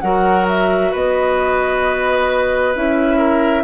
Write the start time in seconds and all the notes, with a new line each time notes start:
0.00 F#3 F#4 A#4 F#5
0.48 E5
0.91 B3 B4 D#5
2.75 C#4 E4 E5
3.17 A#4